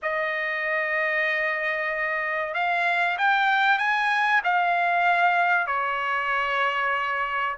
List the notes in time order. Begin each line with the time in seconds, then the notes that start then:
0.02 D#5
2.54 F5
3.18 G5
3.78 G#5
4.44 F5
5.67 C#5